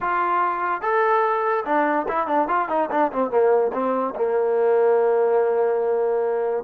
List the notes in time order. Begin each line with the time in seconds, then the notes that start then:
0.00 F4
0.81 A4
1.65 D4
2.08 E4
2.27 D4
2.48 F4
2.69 D#4
2.91 D4
3.12 C4
3.30 A#3
3.73 C4
4.15 A#3